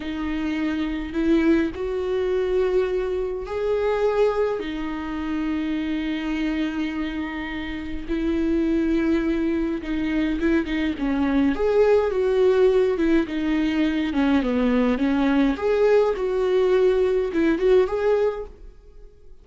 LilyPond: \new Staff \with { instrumentName = "viola" } { \time 4/4 \tempo 4 = 104 dis'2 e'4 fis'4~ | fis'2 gis'2 | dis'1~ | dis'2 e'2~ |
e'4 dis'4 e'8 dis'8 cis'4 | gis'4 fis'4. e'8 dis'4~ | dis'8 cis'8 b4 cis'4 gis'4 | fis'2 e'8 fis'8 gis'4 | }